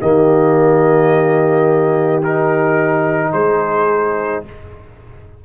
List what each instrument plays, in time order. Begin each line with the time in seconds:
0.00 tuba D#3, trombone A#3, horn G4, trumpet D#5
2.22 trombone D#4, trumpet A#4
3.33 tuba G#3, horn G#4, trumpet C5